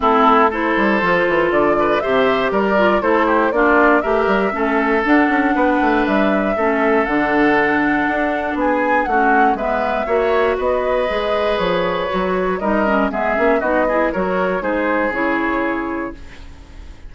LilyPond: <<
  \new Staff \with { instrumentName = "flute" } { \time 4/4 \tempo 4 = 119 a'4 c''2 d''4 | e''4 d''4 c''4 d''4 | e''2 fis''2 | e''2 fis''2~ |
fis''4 gis''4 fis''4 e''4~ | e''4 dis''2 cis''4~ | cis''4 dis''4 e''4 dis''4 | cis''4 c''4 cis''2 | }
  \new Staff \with { instrumentName = "oboe" } { \time 4/4 e'4 a'2~ a'8 b'8 | c''4 ais'4 a'8 g'8 f'4 | ais'4 a'2 b'4~ | b'4 a'2.~ |
a'4 gis'4 fis'4 b'4 | cis''4 b'2.~ | b'4 ais'4 gis'4 fis'8 gis'8 | ais'4 gis'2. | }
  \new Staff \with { instrumentName = "clarinet" } { \time 4/4 c'4 e'4 f'2 | g'4. f'8 e'4 d'4 | g'4 cis'4 d'2~ | d'4 cis'4 d'2~ |
d'2 cis'4 b4 | fis'2 gis'2 | fis'4 dis'8 cis'8 b8 cis'8 dis'8 e'8 | fis'4 dis'4 e'2 | }
  \new Staff \with { instrumentName = "bassoon" } { \time 4/4 a4. g8 f8 e8 d4 | c4 g4 a4 ais4 | a8 g8 a4 d'8 cis'8 b8 a8 | g4 a4 d2 |
d'4 b4 a4 gis4 | ais4 b4 gis4 f4 | fis4 g4 gis8 ais8 b4 | fis4 gis4 cis2 | }
>>